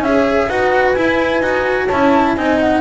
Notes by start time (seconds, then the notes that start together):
0.00 C#4 G#4 E5
0.07 C#5
0.49 D#4 F#4 B4 F#5
0.94 E4 G#5
1.41 D#4 F#4
1.86 C#4 C#5 A5
1.92 E4
2.36 C4 D#4 D#5 G#5
2.60 F#5